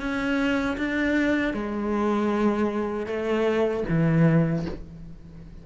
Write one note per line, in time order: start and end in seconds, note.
0.00 0.77 C#4
0.77 1.53 D4
1.53 3.06 G#3
3.06 3.83 A3
3.89 4.66 E3